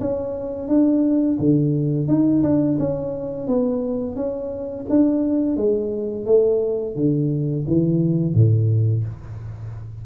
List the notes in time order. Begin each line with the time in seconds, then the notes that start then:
0.00 C#4
0.68 D4
1.39 D3
2.08 D#4
2.43 D4
2.79 C#4
3.47 B3
4.16 C#4
4.89 D4
5.56 G#3
6.26 A3
6.95 D3
7.67 E3
8.34 A2